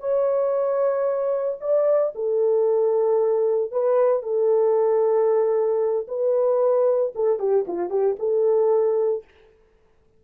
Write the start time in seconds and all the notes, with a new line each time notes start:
0.00 C#5
1.61 D5
2.15 A4
3.72 B4
4.23 A4
6.08 B4
7.15 A4
7.39 G4
7.68 F4
7.90 G4
8.19 A4